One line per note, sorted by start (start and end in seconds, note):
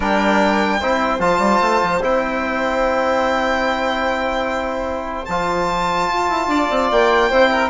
0.00 0.81 G3
0.00 0.81 D4
0.00 0.79 A#4
0.00 1.21 G5
0.79 1.18 C4
0.79 1.19 E4
0.79 6.47 C5
1.18 1.38 F3
1.18 2.00 F4
1.18 2.02 A5
1.38 1.59 G3
1.61 1.81 A3
1.82 2.01 F3
2.01 5.26 C4
2.01 5.26 E4
2.01 5.25 G5
5.25 6.09 F3
5.25 7.31 F4
5.25 6.87 A5
6.09 6.29 F4
6.29 6.47 E4
6.47 6.67 D4
6.47 7.28 D5
6.70 6.90 C4
6.91 7.31 A#3
6.91 7.69 G5
7.28 7.69 C4
7.28 7.69 E4
7.28 7.49 C5
7.51 7.69 A#4